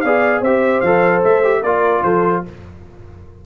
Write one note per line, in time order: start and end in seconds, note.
0.00 0.40 B3
0.00 0.45 G#4
0.00 0.41 D5
0.00 0.40 F5
0.40 0.80 C4
0.40 0.85 G4
0.40 1.61 C5
0.40 0.80 E5
0.80 1.22 F3
0.80 1.43 A4
0.80 1.20 F5
1.23 1.62 A3
1.23 1.62 E5
1.43 1.63 G4
1.62 2.02 A#3
1.62 2.45 F4
1.62 2.04 A#4
1.62 2.02 D5
2.03 2.43 F3
2.03 2.44 A4
2.03 2.43 C5